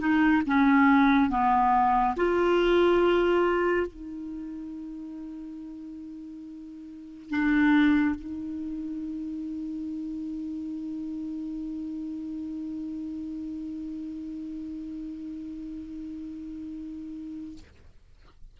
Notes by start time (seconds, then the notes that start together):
0.00 D#4
0.46 C#4
1.30 B3
2.17 F4
3.87 D#4
7.30 D4
8.15 D#4